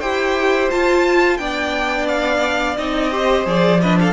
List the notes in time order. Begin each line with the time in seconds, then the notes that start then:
0.00 E4 G4 C5 G5
0.70 F4 A5
1.38 B3 D4 D5 G5
2.08 F5
2.78 C4 D#4 D#5
3.12 G4 C5
3.46 F3 G#4 D5
3.81 D4 B4 D#5
4.00 A4 F5